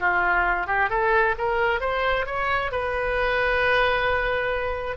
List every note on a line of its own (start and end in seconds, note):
0.00 0.67 F4
0.67 0.90 G4
0.90 1.35 A4
1.38 1.81 A#4
1.81 2.26 C5
2.26 2.72 C#5
2.72 4.97 B4